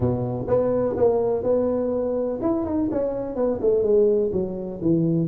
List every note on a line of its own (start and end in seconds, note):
0.00 0.46 B2
0.47 0.95 B3
0.96 1.43 A#3
1.43 2.39 B3
2.41 2.65 E4
2.65 2.89 D#4
2.91 3.35 C#4
3.35 3.59 B3
3.61 3.82 A3
3.82 4.30 G#3
4.32 4.80 F#3
4.81 5.27 E3